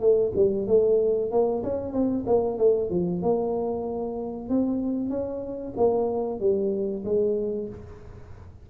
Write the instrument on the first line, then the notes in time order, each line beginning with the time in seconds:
tuba
0.00 A3
0.36 G3
0.67 A3
1.31 A#3
1.63 C#4
1.93 C4
2.26 A#3
2.58 A3
2.90 F3
3.22 A#3
4.49 C4
5.09 C#4
5.77 A#3
6.40 G3
7.05 G#3